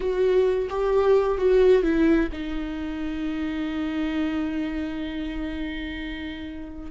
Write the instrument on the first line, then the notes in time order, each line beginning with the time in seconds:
viola
0.00 F#4
0.69 G4
1.38 F#4
1.83 E4
2.32 D#4